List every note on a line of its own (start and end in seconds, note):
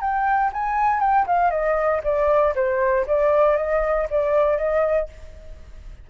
0.00 0.51 G5
0.52 1.00 G#5
1.00 1.25 G5
1.26 1.50 F5
1.50 2.01 D#5
2.03 2.54 D5
2.55 3.06 C5
3.06 3.56 D5
3.56 4.07 D#5
4.10 4.58 D5
4.58 5.08 D#5